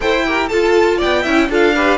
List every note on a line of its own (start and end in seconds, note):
0.00 0.50 E4
0.00 0.24 A4
0.00 0.26 C5
0.00 0.48 G5
0.26 0.51 G4
0.26 0.49 A#4
0.48 1.01 F4
0.48 1.24 F4
0.48 0.97 A4
0.48 0.98 A5
0.97 1.22 D5
0.97 1.51 G5
1.03 1.26 B3
1.22 1.49 C#4
1.22 1.49 E4
1.22 1.47 E5
1.49 1.98 D4
1.49 1.75 F4
1.49 1.75 A4
1.49 1.98 F5
1.75 1.98 G4
1.75 1.98 B4